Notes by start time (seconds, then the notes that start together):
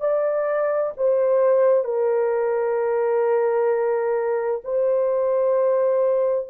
0.00 D5
0.97 C5
1.85 A#4
4.64 C5